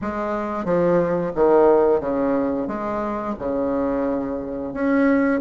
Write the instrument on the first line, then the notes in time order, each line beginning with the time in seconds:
bassoon
0.01 G#3
0.64 F3
1.35 D#3
2.00 C#3
2.67 G#3
3.38 C#3
4.73 C#4